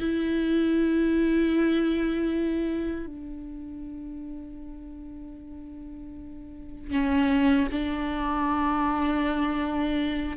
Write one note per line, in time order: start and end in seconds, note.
0.00 3.07 E4
3.07 6.91 D4
6.91 7.68 C#4
7.72 10.38 D4